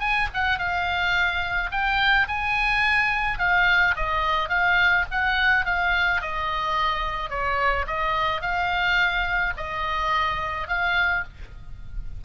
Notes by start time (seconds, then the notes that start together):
0.00 G#5
0.34 F#5
0.58 F5
1.71 G5
2.28 G#5
3.39 F5
3.96 D#5
4.49 F5
5.11 F#5
5.65 F5
6.21 D#5
7.30 C#5
7.87 D#5
8.41 F5
9.57 D#5
10.68 F5